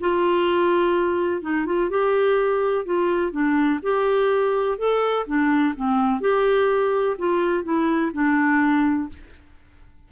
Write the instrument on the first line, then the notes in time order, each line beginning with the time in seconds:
clarinet
0.00 F4
1.42 D#4
1.66 F4
1.90 G4
2.85 F4
3.32 D4
3.83 G4
4.78 A4
5.26 D4
5.76 C4
6.20 G4
7.18 F4
7.64 E4
8.13 D4